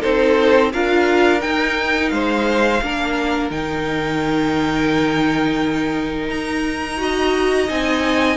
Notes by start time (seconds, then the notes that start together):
0.00 C4 D#4 A4 C5
0.73 D4 F4 A#4 F5
1.39 D#4 G5
2.09 G#3 C5 F5
2.82 A#3 D4 A#4
3.50 D#3 D#4 G5
6.28 D#4 A#5
6.97 F#4 D#5
7.68 C4 D#4 G#5